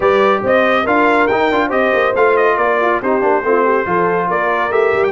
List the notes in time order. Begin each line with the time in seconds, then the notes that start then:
0.00 G3 G4 B4 D5
0.43 C4 C5 D#5
0.83 D4 F4 A#4 F5
1.27 D#4 G5
1.50 D4 F4
1.67 C4 G4 C5 D#5
1.93 A#3
2.15 A3 F4 F5
2.36 D#5
2.57 A#3 A#4 D5
2.81 F4
3.01 C4 D#4 G4 C5
3.21 A#3 D4
3.42 A3 C4 F4
3.64 G4
3.85 F3 F4 A4
4.27 A#3 A#4 D5
4.70 A3 G4 E5
4.93 G3
5.04 G5